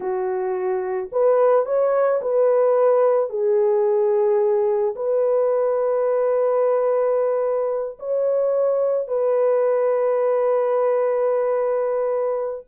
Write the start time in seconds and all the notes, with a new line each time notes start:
0.00 F#4
1.12 B4
1.65 C#5
2.21 B4
3.29 G#4
4.95 B4
7.99 C#5
9.07 B4